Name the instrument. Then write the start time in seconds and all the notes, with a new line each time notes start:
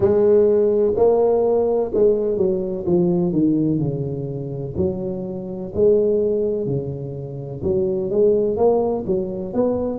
tuba
0.00 G#3
0.96 A#3
1.94 G#3
2.37 F#3
2.86 F3
3.32 D#3
3.78 C#3
4.77 F#3
5.74 G#3
6.66 C#3
7.63 F#3
8.10 G#3
8.56 A#3
9.06 F#3
9.53 B3